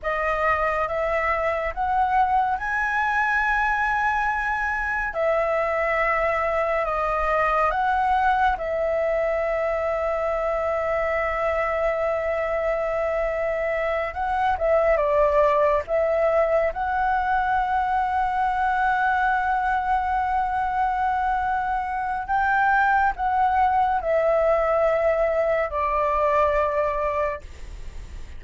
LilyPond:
\new Staff \with { instrumentName = "flute" } { \time 4/4 \tempo 4 = 70 dis''4 e''4 fis''4 gis''4~ | gis''2 e''2 | dis''4 fis''4 e''2~ | e''1~ |
e''8 fis''8 e''8 d''4 e''4 fis''8~ | fis''1~ | fis''2 g''4 fis''4 | e''2 d''2 | }